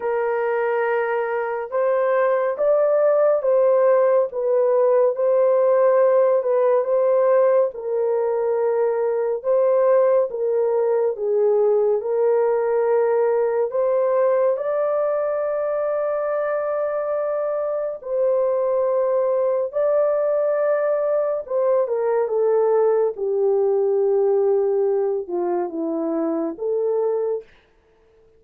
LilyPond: \new Staff \with { instrumentName = "horn" } { \time 4/4 \tempo 4 = 70 ais'2 c''4 d''4 | c''4 b'4 c''4. b'8 | c''4 ais'2 c''4 | ais'4 gis'4 ais'2 |
c''4 d''2.~ | d''4 c''2 d''4~ | d''4 c''8 ais'8 a'4 g'4~ | g'4. f'8 e'4 a'4 | }